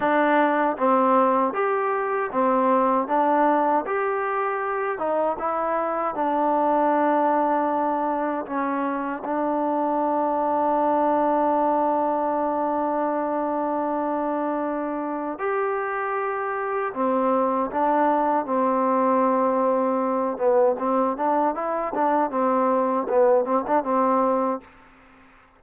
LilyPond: \new Staff \with { instrumentName = "trombone" } { \time 4/4 \tempo 4 = 78 d'4 c'4 g'4 c'4 | d'4 g'4. dis'8 e'4 | d'2. cis'4 | d'1~ |
d'1 | g'2 c'4 d'4 | c'2~ c'8 b8 c'8 d'8 | e'8 d'8 c'4 b8 c'16 d'16 c'4 | }